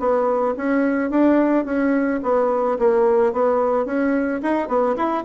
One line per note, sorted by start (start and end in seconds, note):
0.00 0.55 B3
0.58 1.11 C#4
1.11 1.66 D4
1.66 2.21 C#4
2.23 2.78 B3
2.79 3.33 A#3
3.33 3.86 B3
3.86 4.41 C#4
4.43 4.68 D#4
4.68 4.96 B3
4.97 5.24 E4